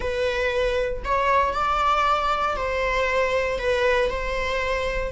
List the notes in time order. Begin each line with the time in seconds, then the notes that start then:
0.00 B4
1.04 C#5
1.53 D5
2.56 C5
3.58 B4
4.10 C5